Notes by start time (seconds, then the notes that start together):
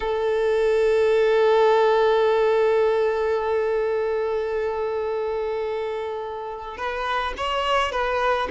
0.00 A4
6.77 B4
7.37 C#5
7.91 B4